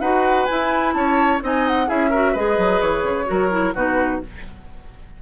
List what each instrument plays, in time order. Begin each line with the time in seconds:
0.00 bassoon D#4, clarinet F#4, oboe B4, flute F#5
0.45 clarinet E4, bassoon E4, flute G#5
0.93 bassoon C#4, oboe C#5, flute A5
1.41 bassoon C4, clarinet D#4, oboe D#5, flute G#5
1.67 flute F#5
1.87 bassoon C#4, clarinet E4, oboe G#4, flute E5
2.10 clarinet F#4, oboe A#4
2.32 bassoon G#3, clarinet G#4, oboe B4, flute D#5
2.57 bassoon F#3
2.81 bassoon E3, flute C#5
3.02 bassoon C#3
3.25 bassoon F#3, clarinet F#4, oboe A#4
3.50 clarinet E4
3.74 bassoon B2, clarinet D#4, oboe F#4, flute B4